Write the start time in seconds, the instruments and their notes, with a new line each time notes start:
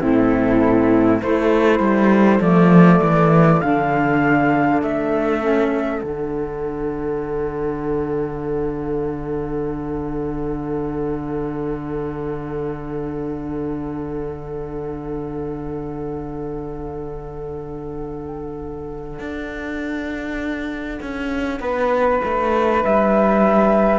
0.00 cello A2, saxophone C4, flute E4 A4
1.22 cello A3, saxophone E4, flute A4 C5
1.79 cello G3
2.40 cello F3, saxophone A3, flute D5
3.01 cello E3
3.60 cello D3, saxophone D4, flute F5
4.82 cello A3, flute E5
5.41 saxophone C#4
6.00 cello D3, saxophone D4, flute F#5
19.19 cello D4
21.02 cello C#4
21.59 cello B3, flute B4
22.24 cello A3
22.83 cello G3, flute E5